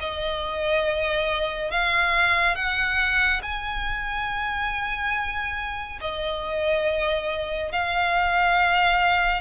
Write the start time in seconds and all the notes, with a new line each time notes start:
0.00 D#5
1.71 F5
2.55 F#5
3.42 G#5
6.01 D#5
7.72 F5